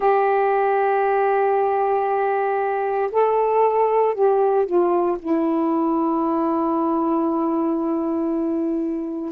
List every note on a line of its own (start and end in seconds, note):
0.00 3.10 G4
3.11 4.14 A4
4.14 4.66 G4
4.66 5.17 F4
5.18 9.32 E4